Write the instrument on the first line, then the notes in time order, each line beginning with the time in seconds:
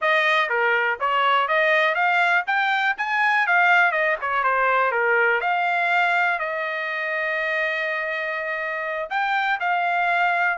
trumpet
0.01 D#5
0.49 A#4
1.00 C#5
1.48 D#5
1.94 F5
2.47 G5
2.97 G#5
3.46 F5
3.91 D#5
4.21 C#5
4.43 C5
4.91 A#4
5.40 F5
6.39 D#5
9.09 G5
9.59 F5